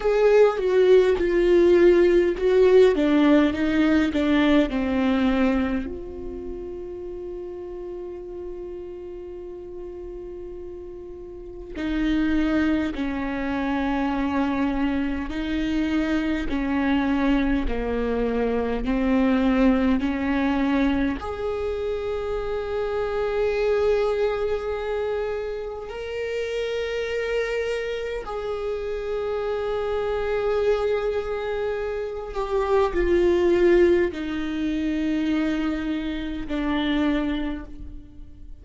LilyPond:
\new Staff \with { instrumentName = "viola" } { \time 4/4 \tempo 4 = 51 gis'8 fis'8 f'4 fis'8 d'8 dis'8 d'8 | c'4 f'2.~ | f'2 dis'4 cis'4~ | cis'4 dis'4 cis'4 ais4 |
c'4 cis'4 gis'2~ | gis'2 ais'2 | gis'2.~ gis'8 g'8 | f'4 dis'2 d'4 | }